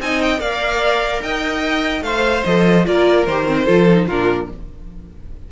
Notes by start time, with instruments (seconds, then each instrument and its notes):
0.00 cello C4, viola D#4, violin D#5 G#5
0.22 violin G5
0.38 cello A#3, viola A#4, violin D5 F5
1.22 cello D#4, violin D#5 G5
2.01 cello A3, violin C5 F5, viola C5
2.44 cello F3, viola A4, violin D#5
2.85 cello A#3, viola F4, violin A#4 D5
3.26 cello D#3, viola G4, violin C5
3.46 viola C4
3.65 cello F3, viola F4, violin A4
3.90 viola D#4
4.07 cello A#2, viola D4, violin F4 A#4